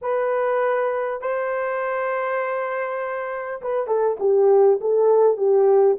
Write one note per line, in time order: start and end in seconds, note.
0.01 1.21 B4
1.21 3.61 C5
3.61 3.87 B4
3.87 4.17 A4
4.19 4.79 G4
4.80 5.37 A4
5.37 5.97 G4